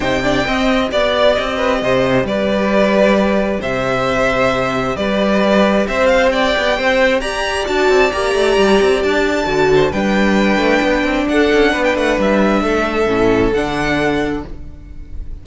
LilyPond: <<
  \new Staff \with { instrumentName = "violin" } { \time 4/4 \tempo 4 = 133 g''2 d''4 dis''4~ | dis''4 d''2. | e''2. d''4~ | d''4 e''8 f''8 g''2 |
ais''4 a''4 ais''2 | a''2 g''2~ | g''4 fis''4~ fis''16 g''16 fis''8 e''4~ | e''2 fis''2 | }
  \new Staff \with { instrumentName = "violin" } { \time 4/4 c''8 d''8 dis''4 d''4. b'8 | c''4 b'2. | c''2. b'4~ | b'4 c''4 d''4 c''4 |
d''1~ | d''4. c''8 b'2~ | b'4 a'4 b'2 | a'1 | }
  \new Staff \with { instrumentName = "viola" } { \time 4/4 dis'8 d'8 c'4 g'2~ | g'1~ | g'1~ | g'1~ |
g'4 fis'4 g'2~ | g'4 fis'4 d'2~ | d'1~ | d'4 cis'4 d'2 | }
  \new Staff \with { instrumentName = "cello" } { \time 4/4 c4 c'4 b4 c'4 | c4 g2. | c2. g4~ | g4 c'4. b8 c'4 |
g'4 d'8 c'8 ais8 a8 g8 c'8 | d'4 d4 g4. a8 | b8 c'8 d'8 cis'8 b8 a8 g4 | a4 a,4 d2 | }
>>